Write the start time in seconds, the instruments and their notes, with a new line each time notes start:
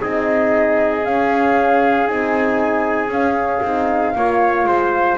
0.00 double bass C4, horn D#4, trumpet G#4, flute D#5
1.05 horn C#4, double bass C#4, flute F5
2.05 double bass C4, horn D#4, flute G#5
3.08 double bass C#4, horn C#4, flute F5
3.62 double bass C4, horn D#4
4.15 double bass A#3, horn F4, trumpet C#5
4.64 double bass G#3, trumpet C5